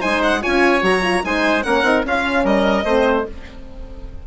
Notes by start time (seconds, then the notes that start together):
0.00 G#3 D#4 C5 G#5
0.23 F#5
0.42 C#4 F4 C#5 G#5
0.82 F#3 F#4 A#5
1.02 F4
1.23 G#3 D#4 C5 G#5
1.63 A#3 C#4 A#4 F#5
1.83 C4 D#4
2.05 C#4 F4 F5
2.44 G3 A#4 D#5
2.84 A3 C4 C5